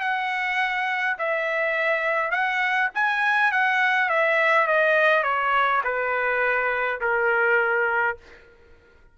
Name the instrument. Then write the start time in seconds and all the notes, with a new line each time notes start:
trumpet
0.00 F#5
1.18 E5
2.31 F#5
2.94 G#5
3.51 F#5
4.09 E5
4.67 D#5
5.23 C#5
5.83 B4
7.00 A#4